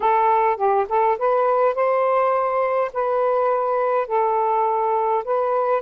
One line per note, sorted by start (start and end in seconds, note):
0.00 0.56 A4
0.56 0.86 G4
0.88 1.18 A4
1.18 1.74 B4
1.74 2.91 C5
2.93 4.07 B4
4.07 5.23 A4
5.24 5.82 B4